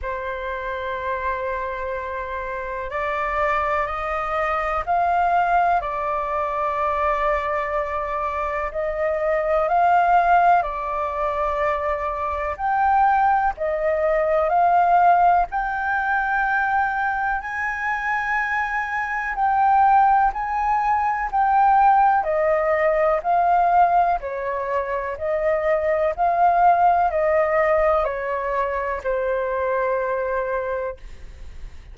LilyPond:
\new Staff \with { instrumentName = "flute" } { \time 4/4 \tempo 4 = 62 c''2. d''4 | dis''4 f''4 d''2~ | d''4 dis''4 f''4 d''4~ | d''4 g''4 dis''4 f''4 |
g''2 gis''2 | g''4 gis''4 g''4 dis''4 | f''4 cis''4 dis''4 f''4 | dis''4 cis''4 c''2 | }